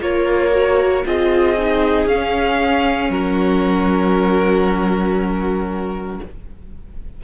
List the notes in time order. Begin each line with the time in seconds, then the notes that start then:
0.00 A#3 F4 A#4 C#5
0.52 F#4
1.05 C4 F4 G#4 D#5
1.58 D#4
2.06 C#4 F5
3.09 F#3 F#4 A#4